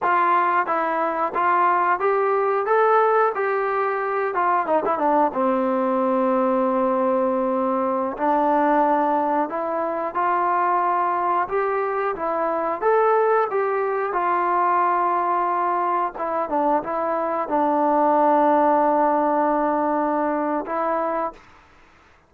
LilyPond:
\new Staff \with { instrumentName = "trombone" } { \time 4/4 \tempo 4 = 90 f'4 e'4 f'4 g'4 | a'4 g'4. f'8 dis'16 e'16 d'8 | c'1~ | c'16 d'2 e'4 f'8.~ |
f'4~ f'16 g'4 e'4 a'8.~ | a'16 g'4 f'2~ f'8.~ | f'16 e'8 d'8 e'4 d'4.~ d'16~ | d'2. e'4 | }